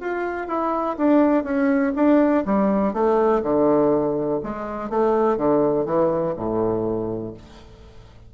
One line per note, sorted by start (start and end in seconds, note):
0.00 0.47 F4
0.47 0.96 E4
0.97 1.43 D4
1.43 1.92 C#4
1.95 2.44 D4
2.45 2.93 G3
2.93 3.42 A3
3.43 4.40 D3
4.43 4.90 G#3
4.90 5.37 A3
5.37 5.85 D3
5.85 6.34 E3
6.36 7.34 A2